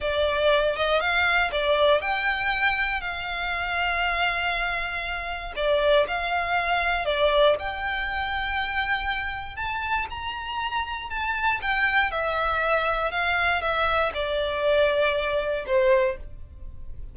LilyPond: \new Staff \with { instrumentName = "violin" } { \time 4/4 \tempo 4 = 119 d''4. dis''8 f''4 d''4 | g''2 f''2~ | f''2. d''4 | f''2 d''4 g''4~ |
g''2. a''4 | ais''2 a''4 g''4 | e''2 f''4 e''4 | d''2. c''4 | }